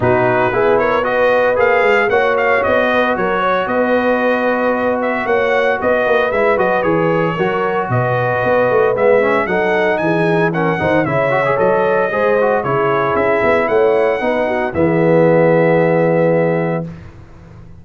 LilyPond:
<<
  \new Staff \with { instrumentName = "trumpet" } { \time 4/4 \tempo 4 = 114 b'4. cis''8 dis''4 f''4 | fis''8 f''8 dis''4 cis''4 dis''4~ | dis''4. e''8 fis''4 dis''4 | e''8 dis''8 cis''2 dis''4~ |
dis''4 e''4 fis''4 gis''4 | fis''4 e''4 dis''2 | cis''4 e''4 fis''2 | e''1 | }
  \new Staff \with { instrumentName = "horn" } { \time 4/4 fis'4 gis'8 ais'8 b'2 | cis''4. b'8 ais'8 cis''8 b'4~ | b'2 cis''4 b'4~ | b'2 ais'4 b'4~ |
b'2 a'4 gis'4 | ais'8 c''8 cis''2 c''4 | gis'2 cis''4 b'8 fis'8 | gis'1 | }
  \new Staff \with { instrumentName = "trombone" } { \time 4/4 dis'4 e'4 fis'4 gis'4 | fis'1~ | fis'1 | e'8 fis'8 gis'4 fis'2~ |
fis'4 b8 cis'8 dis'2 | cis'8 dis'8 e'8 fis'16 gis'16 a'4 gis'8 fis'8 | e'2. dis'4 | b1 | }
  \new Staff \with { instrumentName = "tuba" } { \time 4/4 b,4 b2 ais8 gis8 | ais4 b4 fis4 b4~ | b2 ais4 b8 ais8 | gis8 fis8 e4 fis4 b,4 |
b8 a8 gis4 fis4 e4~ | e8 dis8 cis4 fis4 gis4 | cis4 cis'8 b8 a4 b4 | e1 | }
>>